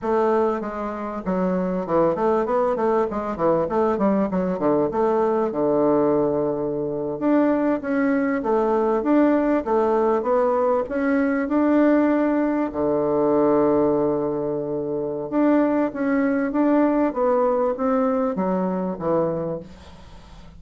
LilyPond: \new Staff \with { instrumentName = "bassoon" } { \time 4/4 \tempo 4 = 98 a4 gis4 fis4 e8 a8 | b8 a8 gis8 e8 a8 g8 fis8 d8 | a4 d2~ d8. d'16~ | d'8. cis'4 a4 d'4 a16~ |
a8. b4 cis'4 d'4~ d'16~ | d'8. d2.~ d16~ | d4 d'4 cis'4 d'4 | b4 c'4 fis4 e4 | }